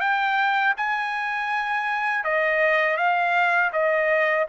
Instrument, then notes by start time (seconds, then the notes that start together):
trumpet
0.00 G5
0.76 G#5
2.24 D#5
2.97 F5
3.72 D#5